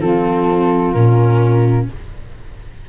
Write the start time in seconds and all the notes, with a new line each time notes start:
0.00 F3 C4 F4 A4
0.92 A#2 C#4 A#4